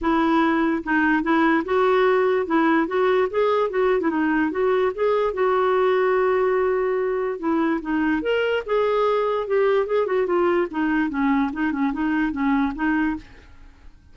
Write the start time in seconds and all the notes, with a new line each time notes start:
0.01 E4
0.83 D#4
1.22 E4
1.64 F#4
2.46 E4
2.87 F#4
3.30 G#4
3.69 F#4
4.00 E4
4.10 D#4
4.51 F#4
4.94 G#4
5.33 F#4
7.39 E4
7.81 D#4
8.21 A#4
8.65 G#4
9.47 G4
9.86 G#4
10.06 F#4
10.26 F4
10.71 D#4
11.09 C#4
11.52 D#4
11.72 C#4
11.92 D#4
12.32 C#4
12.75 D#4